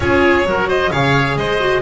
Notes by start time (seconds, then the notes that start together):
0.00 C#4 F4 G#4 C#5
0.45 F#3 F#4 A#4
0.68 C5 D#5
0.91 C#3 G#4 C#5 F5
1.35 G#3 C5 D#5
1.59 F#4